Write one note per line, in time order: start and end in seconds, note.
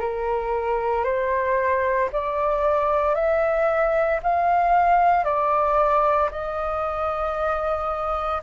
0.00 1.04 A#4
1.04 2.09 C5
2.12 3.15 D5
3.15 4.20 E5
4.23 5.24 F5
5.24 6.30 D5
6.31 8.42 D#5